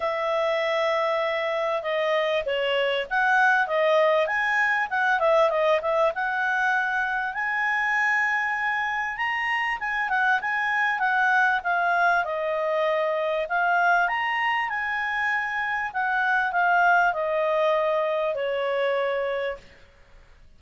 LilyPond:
\new Staff \with { instrumentName = "clarinet" } { \time 4/4 \tempo 4 = 98 e''2. dis''4 | cis''4 fis''4 dis''4 gis''4 | fis''8 e''8 dis''8 e''8 fis''2 | gis''2. ais''4 |
gis''8 fis''8 gis''4 fis''4 f''4 | dis''2 f''4 ais''4 | gis''2 fis''4 f''4 | dis''2 cis''2 | }